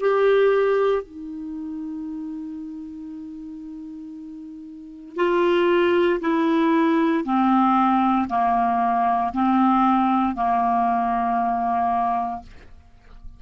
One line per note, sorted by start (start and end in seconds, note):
0.00 1.02 G4
1.02 5.16 D#4
5.16 6.19 F4
6.20 7.24 E4
7.24 8.28 C4
8.29 9.32 A#3
9.33 10.35 C4
10.35 12.42 A#3